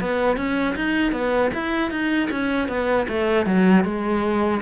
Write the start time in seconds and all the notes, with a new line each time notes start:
0.00 B3
0.37 C#4
0.75 D#4
1.12 B3
1.53 E4
1.91 D#4
2.31 C#4
2.68 B3
3.08 A3
3.45 F#3
3.84 G#3